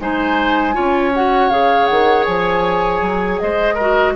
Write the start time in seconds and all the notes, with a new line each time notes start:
0.00 G#3 D#4 C5 G#5
0.74 C#4 F4 C#5
1.15 F#4 F#5
1.50 C#3 G#4 F5
1.86 D#3 F#5
2.25 F3 G#5
3.02 F#3
3.39 G#3 C5 D#5
3.75 A#4
3.81 F#4